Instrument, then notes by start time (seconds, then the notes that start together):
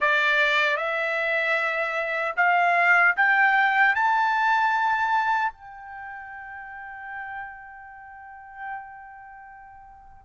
trumpet
0.00 D5
0.76 E5
2.36 F5
3.16 G5
3.95 A5
5.52 G5